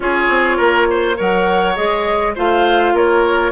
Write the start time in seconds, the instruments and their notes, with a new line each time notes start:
0.00 bassoon C#4, clarinet F4, oboe G#4, flute C#5
0.28 bassoon C4
0.57 bassoon A#3, oboe A#4
0.90 oboe C5
1.16 bassoon F#3, clarinet A#4, oboe C#5, flute F#5
1.75 bassoon G#3, clarinet G#4, flute D#5
2.34 bassoon A3, clarinet F4, oboe C5, flute F5
2.93 bassoon A#3, oboe A#4, flute C#5